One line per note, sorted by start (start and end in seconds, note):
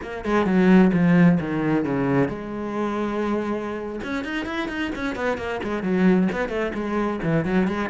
0.02 0.25 A#3
0.25 0.45 G#3
0.45 0.91 F#3
0.93 1.39 F3
1.40 1.84 D#3
1.84 2.28 C#3
2.28 4.00 G#3
4.03 4.24 C#4
4.24 4.45 D#4
4.45 4.68 E4
4.68 4.91 D#4
4.95 5.15 C#4
5.15 5.37 B3
5.37 5.60 A#3
5.63 5.82 G#3
5.82 6.28 F#3
6.32 6.49 B3
6.49 6.71 A3
6.74 7.20 G#3
7.23 7.44 E3
7.44 7.67 F#3
7.67 7.89 G#3